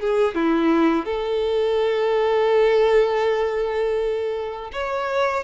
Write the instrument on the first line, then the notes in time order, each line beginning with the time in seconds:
violin
0.00 G#4
0.35 E4
1.05 A4
4.72 C#5